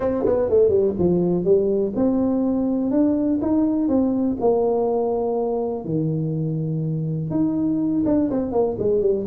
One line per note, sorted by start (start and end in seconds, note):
0.00 0.24 C4
0.25 0.49 B3
0.49 0.69 A3
0.69 0.93 G3
0.98 1.44 F3
1.44 1.93 G3
1.95 2.90 C4
2.90 3.39 D4
3.41 3.88 D#4
3.88 4.37 C4
4.40 5.84 A#3
5.84 7.30 D#3
7.30 8.03 D#4
8.05 8.29 D4
8.30 8.51 C4
8.51 8.76 A#3
8.78 9.01 G#3
9.01 9.25 G3